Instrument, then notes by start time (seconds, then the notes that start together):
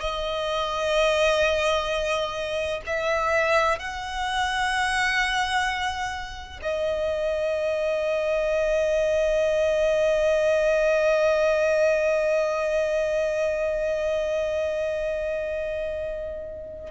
violin
0.00 D#5
2.86 E5
3.78 F#5
6.62 D#5